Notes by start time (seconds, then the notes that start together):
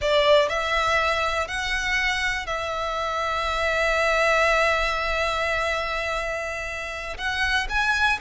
0.01 D5
0.48 E5
1.47 F#5
2.46 E5
7.17 F#5
7.69 G#5